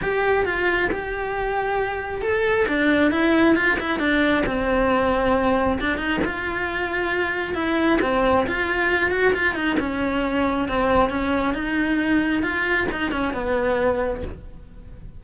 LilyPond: \new Staff \with { instrumentName = "cello" } { \time 4/4 \tempo 4 = 135 g'4 f'4 g'2~ | g'4 a'4 d'4 e'4 | f'8 e'8 d'4 c'2~ | c'4 d'8 dis'8 f'2~ |
f'4 e'4 c'4 f'4~ | f'8 fis'8 f'8 dis'8 cis'2 | c'4 cis'4 dis'2 | f'4 dis'8 cis'8 b2 | }